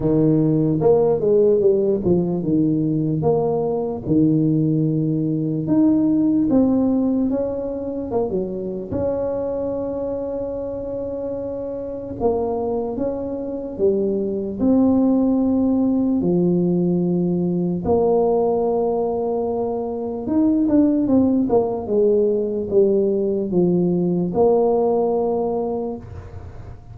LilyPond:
\new Staff \with { instrumentName = "tuba" } { \time 4/4 \tempo 4 = 74 dis4 ais8 gis8 g8 f8 dis4 | ais4 dis2 dis'4 | c'4 cis'4 ais16 fis8. cis'4~ | cis'2. ais4 |
cis'4 g4 c'2 | f2 ais2~ | ais4 dis'8 d'8 c'8 ais8 gis4 | g4 f4 ais2 | }